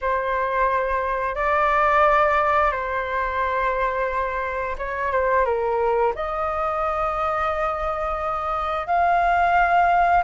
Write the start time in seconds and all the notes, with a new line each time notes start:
0.01 C5
1.35 D5
2.71 C5
4.78 C#5
5.12 C5
5.45 A#4
6.15 D#5
8.86 F5